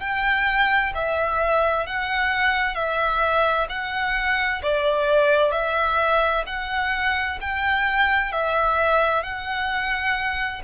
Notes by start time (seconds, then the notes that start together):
0.00 G5
0.94 E5
1.86 F#5
2.75 E5
3.69 F#5
4.62 D5
5.51 E5
6.46 F#5
7.41 G5
8.32 E5
9.23 F#5